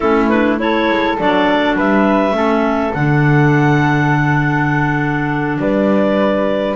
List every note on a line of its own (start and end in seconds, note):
0.00 0.88 A3
0.00 0.31 C#4
0.00 0.58 E4
0.00 0.27 A4
0.28 0.58 D4
0.28 0.58 B4
0.58 1.17 E4
0.58 1.76 A4
0.58 1.18 C#5
0.89 1.18 G#3
1.19 1.78 F#3
1.19 2.32 D4
1.19 1.78 D5
1.76 2.31 G3
1.76 2.34 B4
1.76 2.93 E5
2.31 2.90 A3
2.31 2.91 C#4
2.31 5.59 A4
2.93 5.58 D3
2.93 6.76 D4
2.93 5.58 F#5
5.58 6.75 G3
5.58 6.76 B4
5.58 6.76 D5